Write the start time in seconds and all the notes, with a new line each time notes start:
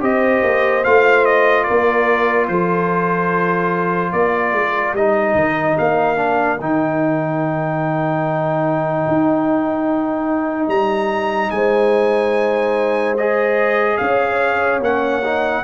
0.00 C4 G4 C5 D#5
0.43 A#3
0.84 A3 F4 F5
1.25 D#5
1.63 A#3 A#4 D5
2.48 F3 A4 C5
4.12 A#3 A#4 D5
4.52 G#3
4.93 G3 D#4 D#5
5.34 D#3
5.78 A#3 F5
6.16 D4
6.59 D#3 D#4 G5
9.07 D#4
10.67 G3 A#5
11.50 G#3 C5 G#5
13.17 G#4 D#5
13.97 C#4 C#5 F5
14.79 A#3 C#4 F#5
15.24 D#4